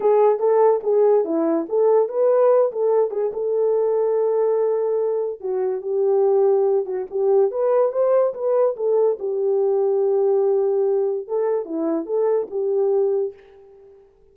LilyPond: \new Staff \with { instrumentName = "horn" } { \time 4/4 \tempo 4 = 144 gis'4 a'4 gis'4 e'4 | a'4 b'4. a'4 gis'8 | a'1~ | a'4 fis'4 g'2~ |
g'8 fis'8 g'4 b'4 c''4 | b'4 a'4 g'2~ | g'2. a'4 | e'4 a'4 g'2 | }